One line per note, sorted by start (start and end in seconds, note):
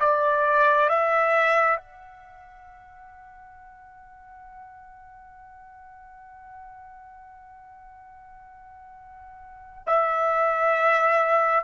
0.00 0.89 D5
0.89 1.77 E5
1.77 9.83 F#5
9.87 11.65 E5